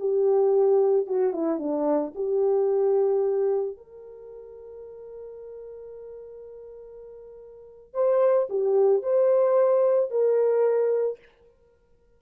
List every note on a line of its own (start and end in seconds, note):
0.00 1.07 G4
1.07 1.34 F#4
1.34 1.59 E4
1.59 2.14 D4
2.16 3.78 G4
3.78 7.94 A#4
7.94 8.48 C5
8.50 9.03 G4
9.03 10.11 C5
10.11 11.19 A#4